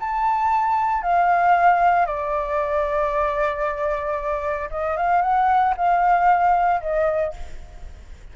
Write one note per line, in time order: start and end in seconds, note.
0.00 1.02 A5
1.02 2.06 F5
2.06 4.69 D5
4.71 4.97 D#5
4.97 5.22 F5
5.22 5.74 F#5
5.77 6.81 F5
6.81 7.33 D#5